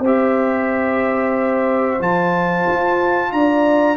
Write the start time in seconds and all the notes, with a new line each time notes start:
0.00 C4 G4 C5 E5
1.99 F3 F4 A5
2.67 F4
3.32 D4 D5 A#5